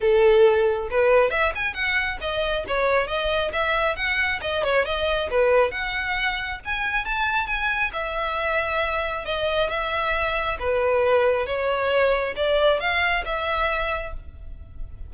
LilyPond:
\new Staff \with { instrumentName = "violin" } { \time 4/4 \tempo 4 = 136 a'2 b'4 e''8 gis''8 | fis''4 dis''4 cis''4 dis''4 | e''4 fis''4 dis''8 cis''8 dis''4 | b'4 fis''2 gis''4 |
a''4 gis''4 e''2~ | e''4 dis''4 e''2 | b'2 cis''2 | d''4 f''4 e''2 | }